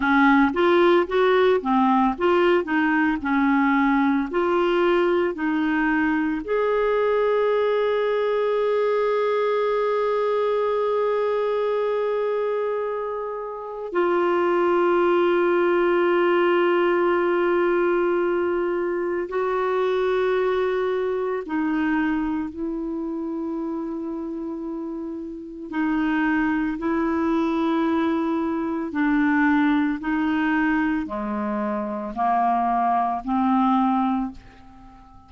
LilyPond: \new Staff \with { instrumentName = "clarinet" } { \time 4/4 \tempo 4 = 56 cis'8 f'8 fis'8 c'8 f'8 dis'8 cis'4 | f'4 dis'4 gis'2~ | gis'1~ | gis'4 f'2.~ |
f'2 fis'2 | dis'4 e'2. | dis'4 e'2 d'4 | dis'4 gis4 ais4 c'4 | }